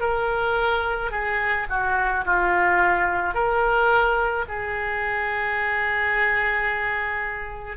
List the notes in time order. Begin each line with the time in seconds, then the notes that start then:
0.00 A#4
1.11 G#4
1.69 F#4
2.26 F4
3.34 A#4
4.48 G#4